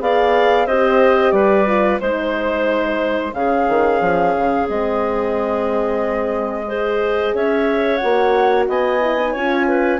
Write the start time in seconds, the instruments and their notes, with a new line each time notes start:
0.00 bassoon B3, horn G#4, clarinet D5, flute F5
0.66 bassoon C4, horn G4, clarinet C5, flute D#5
1.31 bassoon G3, clarinet B4, flute D5
1.67 horn F4
2.00 bassoon G#3, horn D#4, clarinet C5, flute C5
3.33 bassoon C#3, horn C#4, clarinet G#4, flute F5
3.69 bassoon D#3
4.01 bassoon F3
4.37 bassoon C#3
4.67 bassoon G#3, horn C4, flute D#5
6.68 horn G#4, clarinet C5
7.34 bassoon C#4, clarinet C#5, flute E5
7.97 horn F#4, flute F#5
8.03 bassoon A#3
8.68 bassoon B3, clarinet D#5, flute G#5
9.00 horn E4
9.18 horn D#4
9.32 bassoon C#4, horn F4, clarinet C#5
9.68 clarinet B4